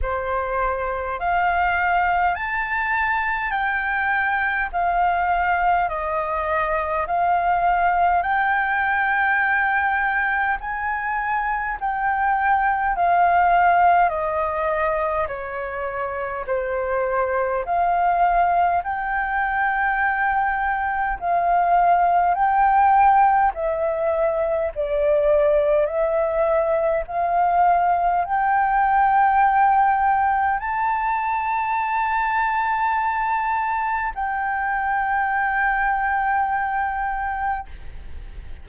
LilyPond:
\new Staff \with { instrumentName = "flute" } { \time 4/4 \tempo 4 = 51 c''4 f''4 a''4 g''4 | f''4 dis''4 f''4 g''4~ | g''4 gis''4 g''4 f''4 | dis''4 cis''4 c''4 f''4 |
g''2 f''4 g''4 | e''4 d''4 e''4 f''4 | g''2 a''2~ | a''4 g''2. | }